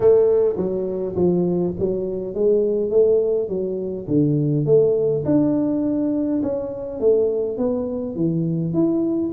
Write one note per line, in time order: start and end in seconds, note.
0.00 0.55 A3
0.56 1.15 F#3
1.15 1.73 F3
1.79 2.34 F#3
2.34 2.90 G#3
2.90 3.48 A3
3.48 4.06 F#3
4.07 4.65 D3
4.65 5.23 A3
5.25 6.41 D4
6.42 7.00 C#4
7.00 7.57 A3
7.57 8.15 B3
8.15 8.73 E3
8.73 9.32 E4